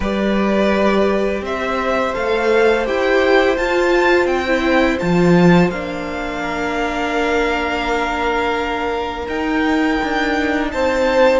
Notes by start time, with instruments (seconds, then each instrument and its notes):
0.00 cello G3, viola G4, violin B4 D5
1.41 cello C4, violin C5 E5
2.14 cello A3, viola A4, violin F5
2.85 cello E4, viola G4, violin G5
3.56 viola F4, cello F4, violin A5
4.25 cello C4, violin G5
4.47 viola E4
4.99 cello F3, viola F4, violin A5
5.69 cello A#3, viola D4, violin F5
6.41 violin A#4
9.27 cello D#4, viola D#4, violin G5
10.03 cello D4
10.71 cello C4, violin C5 A5